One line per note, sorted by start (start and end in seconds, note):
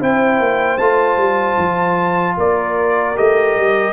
0.00 0.40 C4
0.00 0.79 E4
0.00 2.37 C5
0.00 0.78 G5
0.40 0.79 A#3
0.78 1.18 A3
0.78 3.16 F4
0.78 2.36 A5
1.18 1.57 G3
1.58 2.37 F3
2.37 3.17 A#3
2.37 3.93 A#4
2.37 3.18 D5
3.16 3.57 A3
3.16 3.93 G4
3.16 3.93 D#5
3.57 3.93 G3